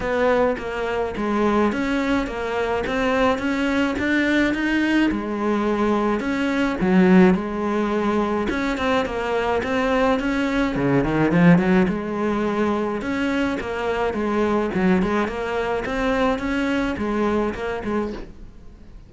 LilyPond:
\new Staff \with { instrumentName = "cello" } { \time 4/4 \tempo 4 = 106 b4 ais4 gis4 cis'4 | ais4 c'4 cis'4 d'4 | dis'4 gis2 cis'4 | fis4 gis2 cis'8 c'8 |
ais4 c'4 cis'4 cis8 dis8 | f8 fis8 gis2 cis'4 | ais4 gis4 fis8 gis8 ais4 | c'4 cis'4 gis4 ais8 gis8 | }